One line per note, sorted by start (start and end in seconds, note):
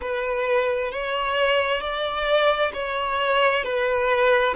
0.01 0.91 B4
0.91 1.80 C#5
1.80 2.71 D5
2.73 3.64 C#5
3.64 4.55 B4